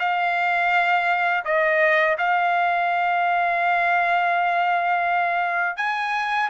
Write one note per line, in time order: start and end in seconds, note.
0.00 1.45 F5
1.45 2.17 D#5
2.19 5.77 F5
5.77 6.50 G#5